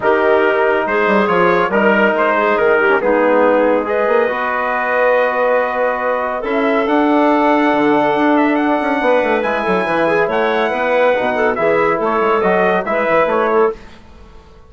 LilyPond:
<<
  \new Staff \with { instrumentName = "trumpet" } { \time 4/4 \tempo 4 = 140 ais'2 c''4 cis''4 | ais'4 c''4 ais'4 gis'4~ | gis'4 dis''2.~ | dis''2. e''4 |
fis''2.~ fis''8 e''8 | fis''2 gis''2 | fis''2. e''4 | cis''4 dis''4 e''4 cis''4 | }
  \new Staff \with { instrumentName = "clarinet" } { \time 4/4 g'2 gis'2 | ais'4. gis'4 g'8 dis'4~ | dis'4 b'2.~ | b'2. a'4~ |
a'1~ | a'4 b'4. a'8 b'8 gis'8 | cis''4 b'4. a'8 gis'4 | a'2 b'4. a'8 | }
  \new Staff \with { instrumentName = "trombone" } { \time 4/4 dis'2. f'4 | dis'2~ dis'8. cis'16 b4~ | b4 gis'4 fis'2~ | fis'2. e'4 |
d'1~ | d'2 e'2~ | e'2 dis'4 e'4~ | e'4 fis'4 e'2 | }
  \new Staff \with { instrumentName = "bassoon" } { \time 4/4 dis2 gis8 g8 f4 | g4 gis4 dis4 gis4~ | gis4. ais8 b2~ | b2. cis'4 |
d'2 d4 d'4~ | d'8 cis'8 b8 a8 gis8 fis8 e4 | a4 b4 b,4 e4 | a8 gis8 fis4 gis8 e8 a4 | }
>>